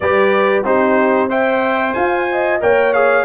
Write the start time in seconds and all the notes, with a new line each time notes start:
0.00 G3 G4 B4 D5
0.64 C4 D#4 G4 C5
1.29 C5 E5 G5
1.93 F4 F5 G#5
2.31 D#5
2.60 A#3 A#4 C#5 G5
2.93 G#4 F5